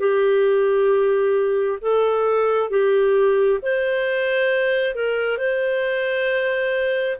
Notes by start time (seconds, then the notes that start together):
0.00 G4
1.82 A4
2.70 G4
3.62 C5
4.95 A#4
5.38 C5